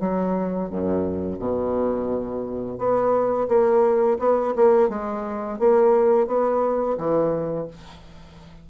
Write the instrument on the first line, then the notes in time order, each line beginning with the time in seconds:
bassoon
0.00 F#3
0.70 F#2
1.39 B2
2.78 B3
3.48 A#3
4.19 B3
4.56 A#3
4.89 G#3
5.59 A#3
6.27 B3
6.98 E3